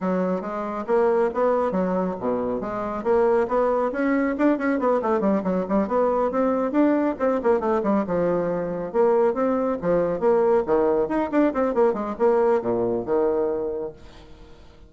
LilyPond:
\new Staff \with { instrumentName = "bassoon" } { \time 4/4 \tempo 4 = 138 fis4 gis4 ais4 b4 | fis4 b,4 gis4 ais4 | b4 cis'4 d'8 cis'8 b8 a8 | g8 fis8 g8 b4 c'4 d'8~ |
d'8 c'8 ais8 a8 g8 f4.~ | f8 ais4 c'4 f4 ais8~ | ais8 dis4 dis'8 d'8 c'8 ais8 gis8 | ais4 ais,4 dis2 | }